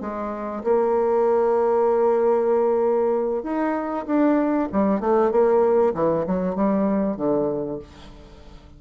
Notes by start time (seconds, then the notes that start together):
0.00 G#3
0.63 A#3
3.43 D#4
4.06 D4
4.72 G3
5.00 A3
5.31 A#3
5.94 E3
6.26 F#3
6.55 G3
7.16 D3